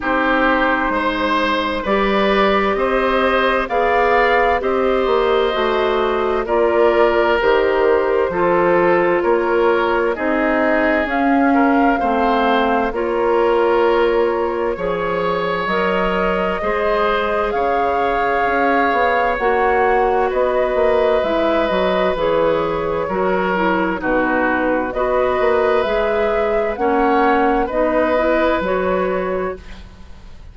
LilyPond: <<
  \new Staff \with { instrumentName = "flute" } { \time 4/4 \tempo 4 = 65 c''2 d''4 dis''4 | f''4 dis''2 d''4 | c''2 cis''4 dis''4 | f''2 cis''2~ |
cis''4 dis''2 f''4~ | f''4 fis''4 dis''4 e''8 dis''8 | cis''2 b'4 dis''4 | e''4 fis''4 dis''4 cis''4 | }
  \new Staff \with { instrumentName = "oboe" } { \time 4/4 g'4 c''4 b'4 c''4 | d''4 c''2 ais'4~ | ais'4 a'4 ais'4 gis'4~ | gis'8 ais'8 c''4 ais'2 |
cis''2 c''4 cis''4~ | cis''2 b'2~ | b'4 ais'4 fis'4 b'4~ | b'4 cis''4 b'2 | }
  \new Staff \with { instrumentName = "clarinet" } { \time 4/4 dis'2 g'2 | gis'4 g'4 fis'4 f'4 | g'4 f'2 dis'4 | cis'4 c'4 f'2 |
gis'4 ais'4 gis'2~ | gis'4 fis'2 e'8 fis'8 | gis'4 fis'8 e'8 dis'4 fis'4 | gis'4 cis'4 dis'8 e'8 fis'4 | }
  \new Staff \with { instrumentName = "bassoon" } { \time 4/4 c'4 gis4 g4 c'4 | b4 c'8 ais8 a4 ais4 | dis4 f4 ais4 c'4 | cis'4 a4 ais2 |
f4 fis4 gis4 cis4 | cis'8 b8 ais4 b8 ais8 gis8 fis8 | e4 fis4 b,4 b8 ais8 | gis4 ais4 b4 fis4 | }
>>